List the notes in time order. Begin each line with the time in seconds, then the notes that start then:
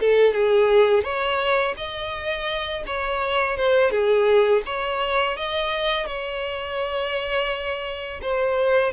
0.00 A4
0.33 G#4
1.03 C#5
1.76 D#5
2.86 C#5
3.57 C5
3.91 G#4
4.65 C#5
5.37 D#5
6.06 C#5
8.22 C5